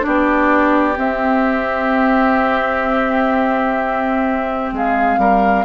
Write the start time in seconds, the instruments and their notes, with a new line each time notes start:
0.00 clarinet D4, oboe G4, flute D5
0.06 bassoon B3
0.97 bassoon C4, clarinet C4, flute E5
4.72 bassoon G#3, oboe G#4, flute F5
5.17 bassoon G3, oboe A#4